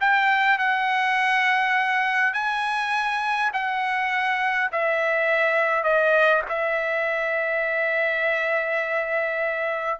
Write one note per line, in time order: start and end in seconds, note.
0.00 0.58 G5
0.58 2.33 F#5
2.33 3.51 G#5
3.53 4.71 F#5
4.72 5.83 E5
5.83 6.42 D#5
6.48 9.99 E5